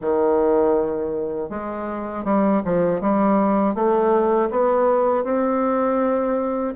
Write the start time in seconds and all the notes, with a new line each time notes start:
0.01 D#3
1.49 G#3
2.24 G3
2.64 F3
3.00 G3
3.74 A3
4.50 B3
5.24 C4